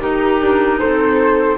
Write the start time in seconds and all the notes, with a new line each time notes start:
0.00 D#4 G4 A#4
0.41 D4
0.79 C4 A4 C5